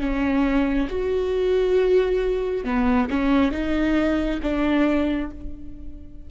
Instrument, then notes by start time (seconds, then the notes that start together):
viola
0.00 C#4
0.89 F#4
2.65 B3
3.10 C#4
3.52 D#4
4.42 D4